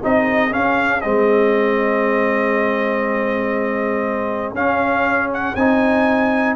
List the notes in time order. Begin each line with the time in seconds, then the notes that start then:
0.00 C4 D#4 G#4 D#5
0.50 C#4 F5
1.01 G#3 C4 D#5
4.54 C#4 F5
5.33 F#5
5.55 C4 D#4 G#5